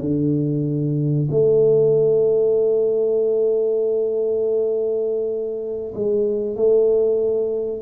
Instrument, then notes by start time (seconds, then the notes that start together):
tuba
0.00 D3
1.30 A3
5.94 G#3
6.56 A3